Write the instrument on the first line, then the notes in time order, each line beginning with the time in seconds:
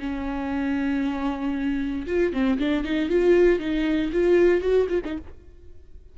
viola
0.00 C#4
2.07 F4
2.33 C4
2.59 D4
2.84 D#4
3.10 F4
3.60 D#4
4.13 F4
4.62 F#4
4.89 F4
5.05 D#4